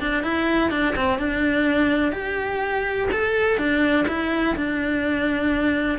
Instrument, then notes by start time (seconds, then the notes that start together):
cello
0.00 D4
0.23 E4
0.71 D4
0.96 C4
1.19 D4
2.13 G4
3.12 A4
3.58 D4
4.08 E4
4.57 D4